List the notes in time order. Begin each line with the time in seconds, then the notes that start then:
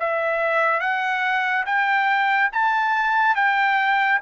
0.00 E5
0.80 F#5
1.66 G5
2.53 A5
3.36 G5